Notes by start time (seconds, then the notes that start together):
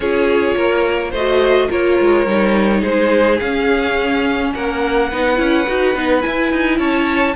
0.00 C#4 F4 G#4 C#5
0.56 A#3 A#4
1.10 A3 C5 D#5
1.16 F#4
1.69 A#3 F4 A#4 C#5
2.00 G#3
2.25 G3 D#4
2.80 G#3 G#4 C5
3.39 C#4 F5
4.54 A#3 A#4 F#5
5.09 B3 D#4 B4
5.36 C#4 E4
5.67 D#4 F#4
5.95 B3 D#4
6.21 E4 G#5
6.52 D#4
6.77 C#4 C#5 A5